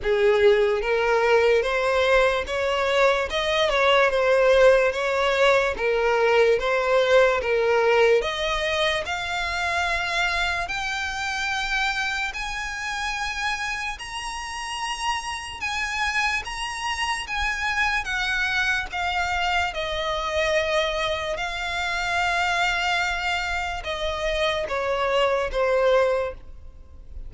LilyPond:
\new Staff \with { instrumentName = "violin" } { \time 4/4 \tempo 4 = 73 gis'4 ais'4 c''4 cis''4 | dis''8 cis''8 c''4 cis''4 ais'4 | c''4 ais'4 dis''4 f''4~ | f''4 g''2 gis''4~ |
gis''4 ais''2 gis''4 | ais''4 gis''4 fis''4 f''4 | dis''2 f''2~ | f''4 dis''4 cis''4 c''4 | }